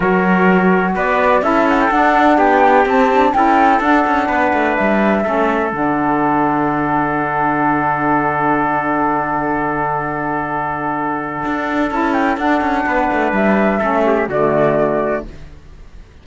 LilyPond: <<
  \new Staff \with { instrumentName = "flute" } { \time 4/4 \tempo 4 = 126 cis''2 d''4 e''8 fis''16 g''16 | fis''4 g''4 a''4 g''4 | fis''2 e''2 | fis''1~ |
fis''1~ | fis''1~ | fis''4 a''8 g''8 fis''2 | e''2 d''2 | }
  \new Staff \with { instrumentName = "trumpet" } { \time 4/4 ais'2 b'4 a'4~ | a'4 g'2 a'4~ | a'4 b'2 a'4~ | a'1~ |
a'1~ | a'1~ | a'2. b'4~ | b'4 a'8 g'8 fis'2 | }
  \new Staff \with { instrumentName = "saxophone" } { \time 4/4 fis'2. e'4 | d'2 c'8 d'8 e'4 | d'2. cis'4 | d'1~ |
d'1~ | d'1~ | d'4 e'4 d'2~ | d'4 cis'4 a2 | }
  \new Staff \with { instrumentName = "cello" } { \time 4/4 fis2 b4 cis'4 | d'4 b4 c'4 cis'4 | d'8 cis'8 b8 a8 g4 a4 | d1~ |
d1~ | d1 | d'4 cis'4 d'8 cis'8 b8 a8 | g4 a4 d2 | }
>>